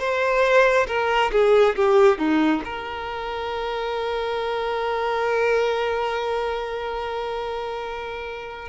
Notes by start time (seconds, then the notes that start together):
0.00 C5
0.88 A#4
1.32 G#4
1.76 G4
2.19 D#4
2.65 A#4